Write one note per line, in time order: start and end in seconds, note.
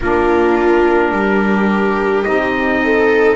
0.00 1.11 A#3
0.00 2.24 D4
0.00 1.12 F4
0.00 2.23 A#4
1.11 2.24 G3
1.11 2.82 G4
2.23 3.35 C4
2.23 3.35 D#4
2.23 3.35 D#5
2.83 3.35 A4